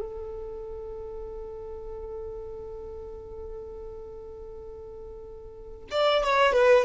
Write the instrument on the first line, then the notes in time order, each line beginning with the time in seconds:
violin
0.00 A4
5.91 D5
6.23 C#5
6.52 B4